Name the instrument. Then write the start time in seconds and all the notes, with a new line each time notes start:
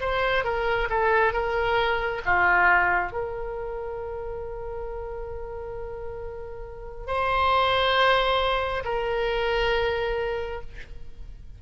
oboe
0.00 C5
0.44 A#4
0.90 A4
1.33 A#4
2.25 F4
3.12 A#4
7.07 C5
8.84 A#4